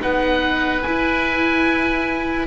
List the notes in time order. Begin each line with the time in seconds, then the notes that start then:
0.00 B3 D#4 B4 F#5
0.83 E4 G#5